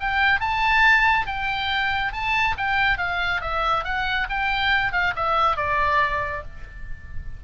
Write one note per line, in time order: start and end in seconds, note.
0.00 0.40 G5
0.40 1.27 A5
1.27 2.12 G5
2.12 2.55 A5
2.57 2.98 G5
2.98 3.41 F5
3.41 3.84 E5
3.84 4.27 F#5
4.29 4.92 G5
4.92 5.14 F5
5.16 5.56 E5
5.56 6.43 D5